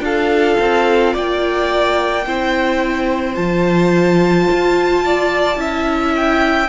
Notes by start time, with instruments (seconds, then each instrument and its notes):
0.00 cello D4, viola F4, violin A4 F5
0.60 cello C4
1.14 cello A#3, violin D5 G5
2.27 cello C4, viola E4, violin C5
3.35 cello F3, viola F4, violin A5
4.51 cello F4
5.06 violin D5
5.57 cello C#4, viola E4, violin E5
6.16 violin G5